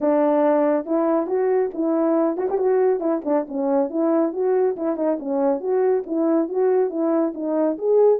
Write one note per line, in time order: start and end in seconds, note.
0.00 0.85 D4
0.85 1.27 E4
1.27 1.70 F#4
1.74 2.37 E4
2.37 2.48 F#4
2.49 2.58 G4
2.58 3.00 F#4
3.00 3.21 E4
3.24 3.46 D4
3.47 3.90 C#4
3.90 4.32 E4
4.32 4.76 F#4
4.76 4.96 E4
4.96 5.17 D#4
5.19 5.60 C#4
5.60 6.03 F#4
6.06 6.49 E4
6.49 6.90 F#4
6.90 7.33 E4
7.34 7.77 D#4
7.78 8.19 G#4